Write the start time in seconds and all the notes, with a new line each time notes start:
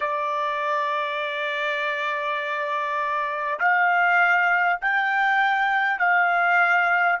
0.00 D5
3.59 F5
4.81 G5
5.98 F5